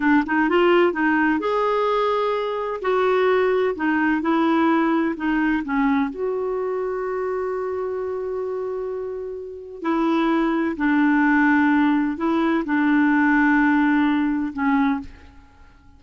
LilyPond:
\new Staff \with { instrumentName = "clarinet" } { \time 4/4 \tempo 4 = 128 d'8 dis'8 f'4 dis'4 gis'4~ | gis'2 fis'2 | dis'4 e'2 dis'4 | cis'4 fis'2.~ |
fis'1~ | fis'4 e'2 d'4~ | d'2 e'4 d'4~ | d'2. cis'4 | }